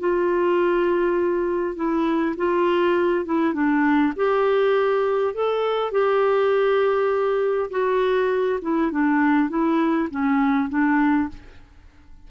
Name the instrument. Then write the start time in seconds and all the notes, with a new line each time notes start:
clarinet
0.00 F4
1.76 E4
2.37 F4
3.25 E4
3.54 D4
4.16 G4
5.34 A4
5.92 G4
7.71 F#4
8.62 E4
8.91 D4
9.49 E4
10.10 C#4
10.70 D4